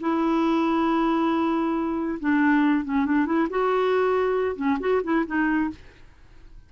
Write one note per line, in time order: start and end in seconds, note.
0.00 2.19 E4
2.20 2.84 D4
2.84 3.05 C#4
3.05 3.26 D4
3.26 3.48 E4
3.50 4.56 F#4
4.56 4.78 C#4
4.80 5.02 F#4
5.03 5.25 E4
5.26 5.70 D#4